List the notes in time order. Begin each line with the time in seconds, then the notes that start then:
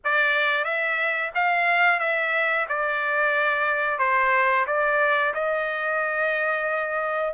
0.04 D5
0.64 E5
1.35 F5
1.99 E5
2.68 D5
3.98 C5
4.67 D5
5.34 D#5